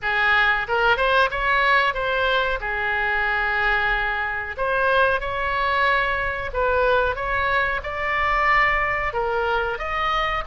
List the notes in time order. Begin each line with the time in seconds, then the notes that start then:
0.01 G#4
0.68 A#4
0.96 C5
1.30 C#5
1.94 C5
2.60 G#4
4.57 C5
5.20 C#5
6.53 B4
7.15 C#5
7.83 D5
9.13 A#4
9.78 D#5